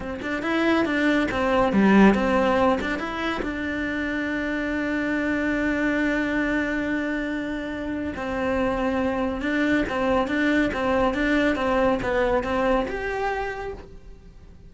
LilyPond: \new Staff \with { instrumentName = "cello" } { \time 4/4 \tempo 4 = 140 c'8 d'8 e'4 d'4 c'4 | g4 c'4. d'8 e'4 | d'1~ | d'1~ |
d'2. c'4~ | c'2 d'4 c'4 | d'4 c'4 d'4 c'4 | b4 c'4 g'2 | }